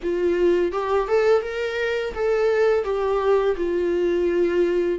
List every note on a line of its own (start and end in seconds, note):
0.02 0.72 F4
0.72 1.07 G4
1.08 1.42 A4
1.42 2.13 A#4
2.14 2.84 A4
2.84 3.55 G4
3.56 4.99 F4